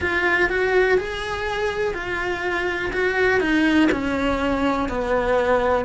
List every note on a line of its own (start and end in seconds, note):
0.00 0.49 F4
0.49 0.98 F#4
0.98 1.94 G#4
1.94 2.91 F4
2.92 3.40 F#4
3.40 3.89 D#4
3.91 4.88 C#4
4.88 5.85 B3